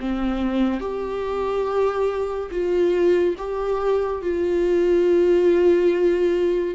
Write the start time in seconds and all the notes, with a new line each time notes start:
0.00 C4
0.80 G4
2.51 F4
3.38 G4
4.22 F4